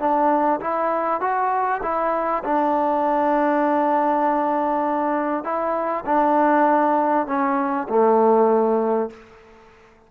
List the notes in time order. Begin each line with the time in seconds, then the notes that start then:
0.00 D4
0.61 E4
1.21 F#4
1.83 E4
2.44 D4
5.44 E4
6.06 D4
7.27 C#4
7.89 A3